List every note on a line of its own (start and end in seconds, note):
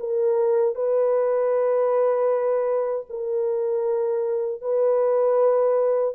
0.00 0.76 A#4
0.76 3.06 B4
3.09 4.62 A#4
4.62 6.15 B4